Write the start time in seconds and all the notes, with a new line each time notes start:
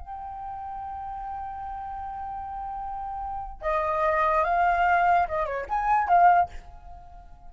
0.00 G5
3.62 D#5
4.44 F5
5.28 D#5
5.46 C#5
5.69 G#5
6.08 F5